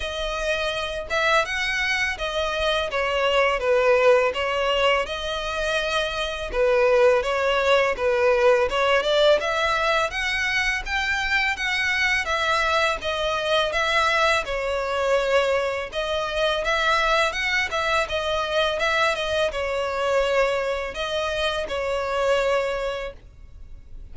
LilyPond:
\new Staff \with { instrumentName = "violin" } { \time 4/4 \tempo 4 = 83 dis''4. e''8 fis''4 dis''4 | cis''4 b'4 cis''4 dis''4~ | dis''4 b'4 cis''4 b'4 | cis''8 d''8 e''4 fis''4 g''4 |
fis''4 e''4 dis''4 e''4 | cis''2 dis''4 e''4 | fis''8 e''8 dis''4 e''8 dis''8 cis''4~ | cis''4 dis''4 cis''2 | }